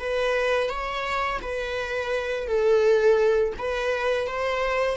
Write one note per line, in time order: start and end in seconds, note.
0.00 0.70 B4
0.70 1.40 C#5
1.42 2.48 B4
2.48 3.54 A4
3.58 4.27 B4
4.27 4.97 C5